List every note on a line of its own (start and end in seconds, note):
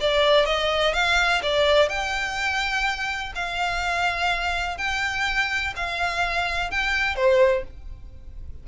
0.00 0.45 D5
0.45 0.93 D#5
0.93 1.41 F5
1.42 1.89 D5
1.89 3.33 G5
3.35 4.77 F5
4.77 5.73 G5
5.76 6.70 F5
6.70 7.15 G5
7.15 7.63 C5